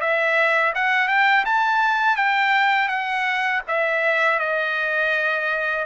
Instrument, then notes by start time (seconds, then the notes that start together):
trumpet
0.00 E5
0.74 F#5
1.07 G5
1.45 A5
2.16 G5
2.88 F#5
3.67 E5
4.39 D#5